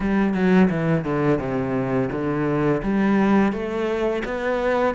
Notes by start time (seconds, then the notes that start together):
0.00 G3
0.34 F#3
0.70 E3
1.04 D3
1.38 C3
2.11 D3
2.82 G3
3.52 A3
4.24 B3